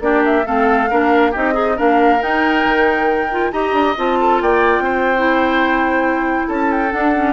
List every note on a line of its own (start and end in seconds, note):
0.00 0.44 A#3
0.00 0.44 D4
0.00 0.46 G4
0.00 0.23 D5
0.25 0.46 E5
0.45 0.91 A3
0.45 0.89 C4
0.45 0.89 A4
0.45 1.34 F5
0.89 1.35 A#3
0.89 1.33 D4
0.89 1.31 A#4
1.31 1.79 C4
1.31 1.53 D#4
1.31 1.53 G4
1.31 1.78 D#5
1.53 1.76 D#4
1.53 1.75 G#4
1.75 2.21 A#3
1.75 2.19 D4
1.75 3.51 A#4
1.75 2.22 F5
2.20 3.29 D#4
2.20 2.65 D#4
2.20 3.51 G5
2.65 3.52 D#3
3.31 3.52 F4
3.51 3.72 D#4
3.51 3.96 G4
3.51 4.19 D#5
3.51 3.95 A#5
3.72 3.94 D4
3.97 4.41 C4
3.97 5.17 F4
3.97 4.42 A5
4.20 4.42 A4
4.41 4.79 A#3
4.41 4.83 D5
4.41 6.49 G5
4.79 6.44 C4
4.79 6.48 C5
5.17 6.91 E4
6.48 6.92 C#4
6.48 7.33 A4
6.48 6.71 A5
6.71 6.92 G5
6.91 7.13 D4
6.91 7.33 D4
6.91 7.33 F#5
7.15 7.33 C#4